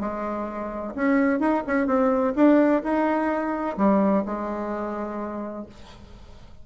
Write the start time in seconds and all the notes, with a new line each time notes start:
0.00 G#3
0.95 C#4
1.40 D#4
1.67 C#4
1.86 C4
2.35 D4
2.83 D#4
3.77 G3
4.25 G#3